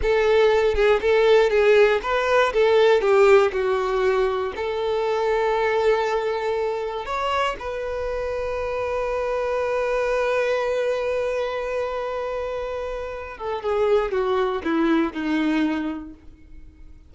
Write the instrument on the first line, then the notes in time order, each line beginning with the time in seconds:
violin
0.02 A4
0.74 G#4
1.01 A4
1.50 G#4
2.02 B4
2.53 A4
3.01 G4
3.52 F#4
4.56 A4
7.05 C#5
7.59 B4
13.38 A4
13.62 G#4
14.11 F#4
14.64 E4
15.13 D#4